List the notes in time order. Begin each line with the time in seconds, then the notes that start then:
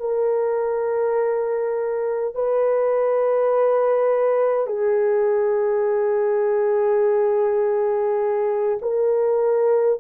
0.00 A#4
2.35 B4
4.67 G#4
8.82 A#4